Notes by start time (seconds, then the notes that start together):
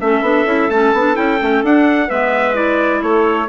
0.00 A3 C#4 A4 E5
0.21 B3 D4
0.45 C#4 E4
0.69 A3 C#4 A5
0.93 B3 D4
1.14 C#4 E4 G5
1.41 A3 C#4
1.63 D4 F#5
2.07 G#3 B3 B4 E5
2.53 E4 D5
3.02 A3 A4 C#5